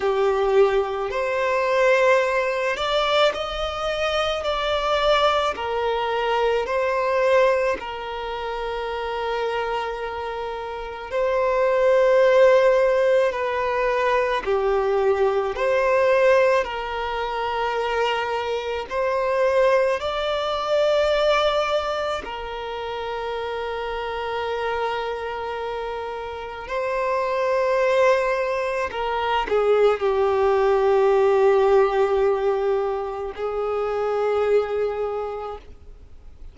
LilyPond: \new Staff \with { instrumentName = "violin" } { \time 4/4 \tempo 4 = 54 g'4 c''4. d''8 dis''4 | d''4 ais'4 c''4 ais'4~ | ais'2 c''2 | b'4 g'4 c''4 ais'4~ |
ais'4 c''4 d''2 | ais'1 | c''2 ais'8 gis'8 g'4~ | g'2 gis'2 | }